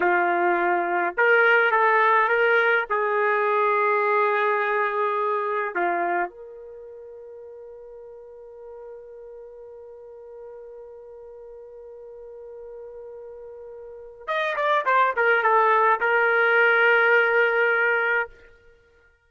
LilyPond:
\new Staff \with { instrumentName = "trumpet" } { \time 4/4 \tempo 4 = 105 f'2 ais'4 a'4 | ais'4 gis'2.~ | gis'2 f'4 ais'4~ | ais'1~ |
ais'1~ | ais'1~ | ais'4 dis''8 d''8 c''8 ais'8 a'4 | ais'1 | }